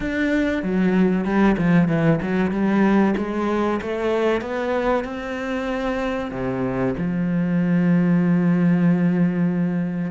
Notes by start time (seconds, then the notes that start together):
0.00 D4
0.62 F#3
1.24 G3
1.57 F3
1.88 E3
2.21 F#3
2.51 G3
3.17 G#3
3.81 A3
4.41 B3
5.04 C4
6.31 C3
6.97 F3